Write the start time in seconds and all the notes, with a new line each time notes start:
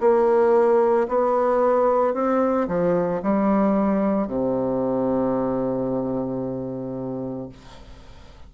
0.00 A#3
1.08 B3
2.14 C4
2.68 F3
3.22 G3
4.28 C3